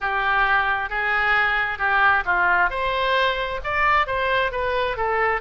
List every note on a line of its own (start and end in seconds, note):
0.00 0.89 G4
0.89 1.78 G#4
1.78 2.23 G4
2.25 2.70 F4
2.70 3.60 C5
3.64 4.06 D5
4.06 4.51 C5
4.51 4.96 B4
4.96 5.41 A4